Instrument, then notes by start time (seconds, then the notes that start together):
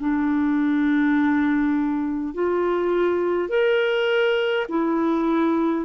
clarinet
0.00 D4
2.34 F4
3.49 A#4
4.69 E4